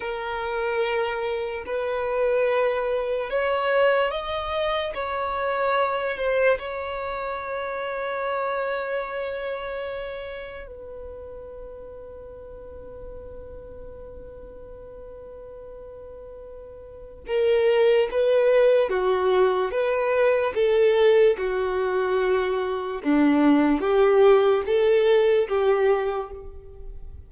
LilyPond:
\new Staff \with { instrumentName = "violin" } { \time 4/4 \tempo 4 = 73 ais'2 b'2 | cis''4 dis''4 cis''4. c''8 | cis''1~ | cis''4 b'2.~ |
b'1~ | b'4 ais'4 b'4 fis'4 | b'4 a'4 fis'2 | d'4 g'4 a'4 g'4 | }